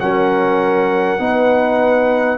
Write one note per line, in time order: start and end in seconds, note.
0.00 1.20 F#3
0.00 1.19 C#4
0.00 1.22 A#4
0.00 2.38 F#5
1.19 2.38 B3
1.19 2.38 D#4
1.19 2.38 B4